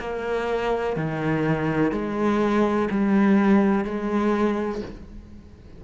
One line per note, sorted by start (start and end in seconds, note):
0.00 0.96 A#3
0.96 1.92 D#3
1.92 2.89 G#3
2.91 3.85 G3
3.85 4.82 G#3